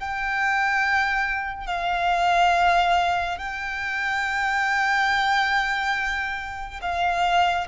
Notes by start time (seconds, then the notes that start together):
0.00 G5
1.67 F5
3.38 G5
6.81 F5